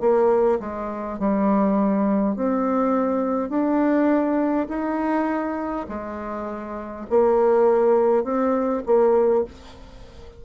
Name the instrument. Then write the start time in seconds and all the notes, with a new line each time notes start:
bassoon
0.00 A#3
0.59 G#3
1.18 G3
2.36 C4
3.49 D4
4.68 D#4
5.88 G#3
7.10 A#3
8.24 C4
8.86 A#3